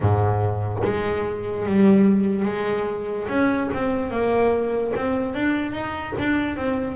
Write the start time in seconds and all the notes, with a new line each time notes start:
0.00 G#2
0.84 G#3
1.66 G3
2.45 G#3
3.28 C#4
3.73 C4
4.10 A#3
4.96 C4
5.34 D4
5.72 D#4
6.18 D4
6.56 C4